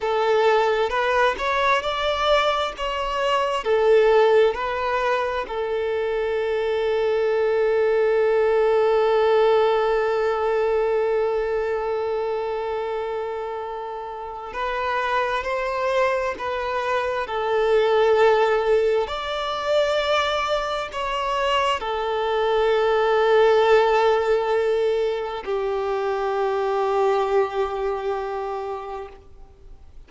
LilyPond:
\new Staff \with { instrumentName = "violin" } { \time 4/4 \tempo 4 = 66 a'4 b'8 cis''8 d''4 cis''4 | a'4 b'4 a'2~ | a'1~ | a'1 |
b'4 c''4 b'4 a'4~ | a'4 d''2 cis''4 | a'1 | g'1 | }